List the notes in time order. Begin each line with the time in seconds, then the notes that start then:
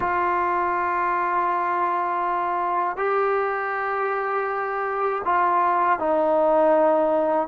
0.00 F4
2.96 G4
5.25 F4
5.99 D#4